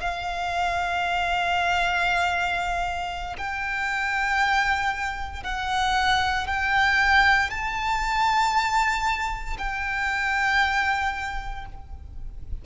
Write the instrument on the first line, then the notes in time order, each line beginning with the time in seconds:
violin
0.00 F5
3.38 G5
5.44 F#5
6.47 G5
7.50 A5
9.58 G5